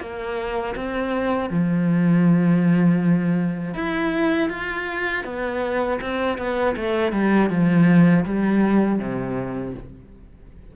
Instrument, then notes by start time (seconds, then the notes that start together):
cello
0.00 A#3
0.75 C4
1.50 F3
3.74 E4
4.49 F4
5.24 B3
6.01 C4
6.38 B3
6.76 A3
7.12 G3
7.50 F3
8.25 G3
8.99 C3